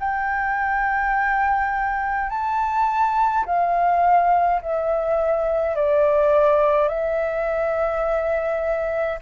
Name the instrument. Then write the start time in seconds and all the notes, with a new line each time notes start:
flute
0.00 G5
2.30 A5
3.46 F5
4.62 E5
5.76 D5
6.89 E5